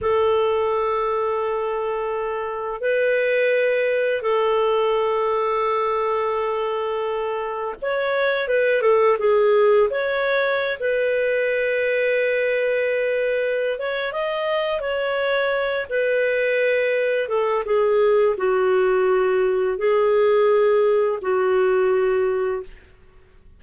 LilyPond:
\new Staff \with { instrumentName = "clarinet" } { \time 4/4 \tempo 4 = 85 a'1 | b'2 a'2~ | a'2. cis''4 | b'8 a'8 gis'4 cis''4~ cis''16 b'8.~ |
b'2.~ b'8 cis''8 | dis''4 cis''4. b'4.~ | b'8 a'8 gis'4 fis'2 | gis'2 fis'2 | }